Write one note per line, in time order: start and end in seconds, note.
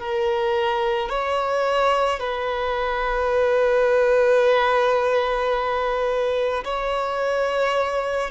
0.00 1.10 A#4
1.10 2.20 C#5
2.20 6.65 B4
6.65 8.31 C#5